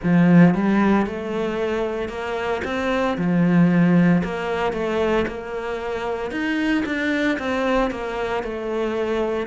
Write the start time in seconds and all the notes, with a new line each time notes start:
0.02 F3
0.54 G3
1.06 A3
2.09 A#3
2.64 C4
3.17 F3
4.23 A#3
4.73 A3
5.27 A#3
6.31 D#4
6.85 D4
7.38 C4
7.90 A#3
8.43 A3